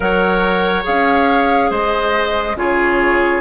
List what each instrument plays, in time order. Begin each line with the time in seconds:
0.00 bassoon F#3, clarinet A#4, oboe C#5, flute F#5
0.83 bassoon C#4, clarinet G#4, flute F5
1.70 bassoon G#3, oboe C5, flute D#5
2.55 bassoon C#3, clarinet F4, oboe G#4, flute C#5